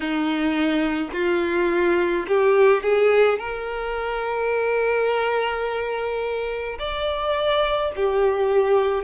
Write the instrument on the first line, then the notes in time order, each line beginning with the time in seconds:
violin
0.00 D#4
1.12 F4
2.27 G4
2.83 G#4
3.38 A#4
6.79 D5
7.96 G4